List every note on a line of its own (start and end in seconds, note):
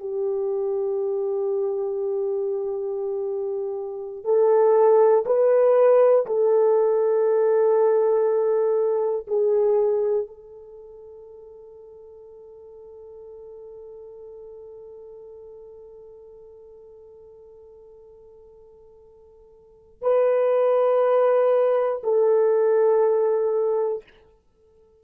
0.00 4.24 G4
4.24 5.24 A4
5.26 6.26 B4
6.26 9.26 A4
9.27 10.27 G#4
10.27 20.01 A4
20.01 22.01 B4
22.03 24.03 A4